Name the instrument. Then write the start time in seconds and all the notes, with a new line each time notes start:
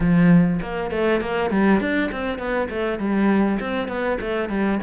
cello
0.00 F3
0.61 A#3
0.91 A3
1.20 A#3
1.50 G3
1.80 D4
2.11 C4
2.38 B3
2.69 A3
2.98 G3
3.60 C4
3.88 B3
4.20 A3
4.49 G3